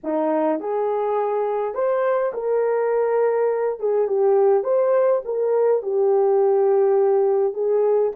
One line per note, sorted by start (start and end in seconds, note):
0.03 0.60 D#4
0.60 1.74 G#4
1.74 2.32 C5
2.33 3.79 A#4
3.79 4.07 G#4
4.07 4.63 G4
4.63 5.21 C5
5.24 5.82 A#4
5.82 7.53 G4
7.53 8.12 G#4